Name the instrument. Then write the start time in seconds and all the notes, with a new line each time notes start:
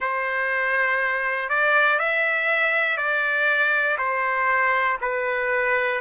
trumpet
0.00 C5
1.49 D5
1.99 E5
2.97 D5
3.98 C5
5.01 B4